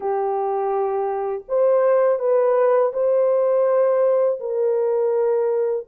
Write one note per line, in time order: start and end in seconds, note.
0.00 1.43 G4
1.48 2.19 C5
2.19 2.92 B4
2.93 4.39 C5
4.39 5.86 A#4